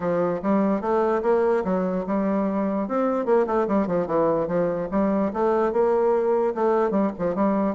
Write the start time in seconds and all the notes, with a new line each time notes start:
0.00 F3
0.42 G3
0.81 A3
1.22 A#3
1.64 F#3
2.06 G3
2.88 C4
3.25 A#3
3.46 A3
3.67 G3
3.87 F3
4.06 E3
4.47 F3
4.91 G3
5.33 A3
5.72 A#3
6.55 A3
6.91 G3
7.18 F3
7.35 G3